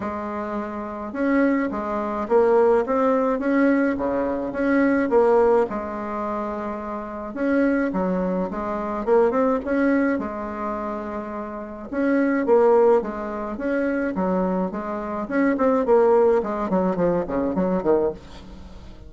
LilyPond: \new Staff \with { instrumentName = "bassoon" } { \time 4/4 \tempo 4 = 106 gis2 cis'4 gis4 | ais4 c'4 cis'4 cis4 | cis'4 ais4 gis2~ | gis4 cis'4 fis4 gis4 |
ais8 c'8 cis'4 gis2~ | gis4 cis'4 ais4 gis4 | cis'4 fis4 gis4 cis'8 c'8 | ais4 gis8 fis8 f8 cis8 fis8 dis8 | }